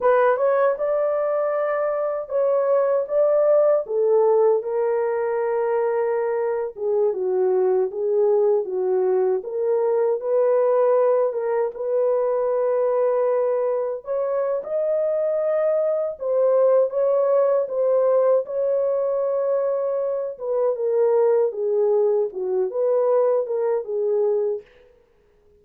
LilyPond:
\new Staff \with { instrumentName = "horn" } { \time 4/4 \tempo 4 = 78 b'8 cis''8 d''2 cis''4 | d''4 a'4 ais'2~ | ais'8. gis'8 fis'4 gis'4 fis'8.~ | fis'16 ais'4 b'4. ais'8 b'8.~ |
b'2~ b'16 cis''8. dis''4~ | dis''4 c''4 cis''4 c''4 | cis''2~ cis''8 b'8 ais'4 | gis'4 fis'8 b'4 ais'8 gis'4 | }